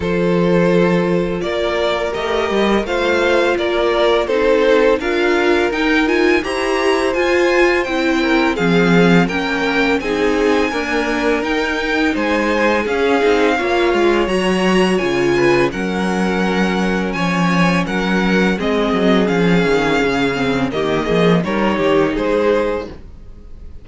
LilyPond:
<<
  \new Staff \with { instrumentName = "violin" } { \time 4/4 \tempo 4 = 84 c''2 d''4 dis''4 | f''4 d''4 c''4 f''4 | g''8 gis''8 ais''4 gis''4 g''4 | f''4 g''4 gis''2 |
g''4 gis''4 f''2 | ais''4 gis''4 fis''2 | gis''4 fis''4 dis''4 f''4~ | f''4 dis''4 cis''4 c''4 | }
  \new Staff \with { instrumentName = "violin" } { \time 4/4 a'2 ais'2 | c''4 ais'4 a'4 ais'4~ | ais'4 c''2~ c''8 ais'8 | gis'4 ais'4 gis'4 ais'4~ |
ais'4 c''4 gis'4 cis''4~ | cis''4. b'8 ais'2 | cis''4 ais'4 gis'2~ | gis'4 g'8 gis'8 ais'8 g'8 gis'4 | }
  \new Staff \with { instrumentName = "viola" } { \time 4/4 f'2. g'4 | f'2 dis'4 f'4 | dis'8 f'8 g'4 f'4 e'4 | c'4 cis'4 dis'4 ais4 |
dis'2 cis'8 dis'8 f'4 | fis'4 f'4 cis'2~ | cis'2 c'4 cis'4~ | cis'8 c'8 ais4 dis'2 | }
  \new Staff \with { instrumentName = "cello" } { \time 4/4 f2 ais4 a8 g8 | a4 ais4 c'4 d'4 | dis'4 e'4 f'4 c'4 | f4 ais4 c'4 d'4 |
dis'4 gis4 cis'8 c'8 ais8 gis8 | fis4 cis4 fis2 | f4 fis4 gis8 fis8 f8 dis8 | cis4 dis8 f8 g8 dis8 gis4 | }
>>